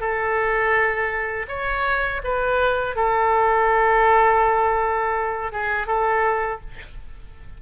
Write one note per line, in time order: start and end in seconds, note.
0.00 1.46 A4
1.48 2.22 C#5
2.24 2.96 B4
2.96 5.52 A4
5.52 5.87 G#4
5.87 6.60 A4